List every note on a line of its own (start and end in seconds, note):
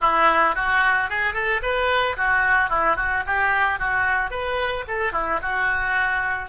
0.01 0.55 E4
0.55 1.09 F#4
1.09 1.33 G#4
1.33 1.60 A4
1.62 2.16 B4
2.16 2.69 F#4
2.69 2.96 E4
2.96 3.23 F#4
3.26 3.79 G4
3.79 4.30 F#4
4.30 4.84 B4
4.87 5.12 A4
5.12 5.39 E4
5.42 6.49 F#4